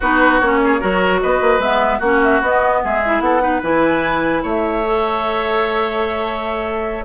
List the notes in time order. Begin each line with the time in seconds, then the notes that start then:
0.00 B3 D#4 F#4 B4
0.39 A#3 C#4 C#5
0.64 G#4
0.80 F#3 F#4 A#4
1.21 B3 B4 D#5
1.41 A#3
1.58 G#3 B3 E5
1.98 A#3 C#4 F#4 F#5
2.23 E5
2.41 B3 D#5
2.84 G#3 G#4 E5
3.05 E4
3.20 B3 A4 F#5
3.40 D#4 B4
3.62 E3 E4 G#5
4.43 A3 C#5 E5
4.85 A4